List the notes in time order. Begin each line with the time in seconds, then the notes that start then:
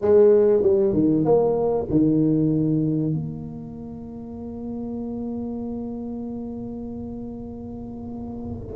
0.01 G#3
0.62 G3
0.93 D#3
1.24 A#3
1.90 D#3
3.13 A#3